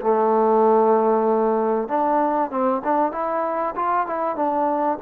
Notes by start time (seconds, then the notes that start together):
0.00 A3
1.88 D4
2.50 C4
2.84 D4
3.12 E4
3.75 F4
4.06 E4
4.35 D4